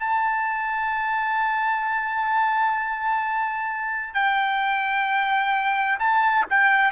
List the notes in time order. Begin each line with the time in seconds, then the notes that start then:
0.00 A5
4.14 G5
6.00 A5
6.50 G5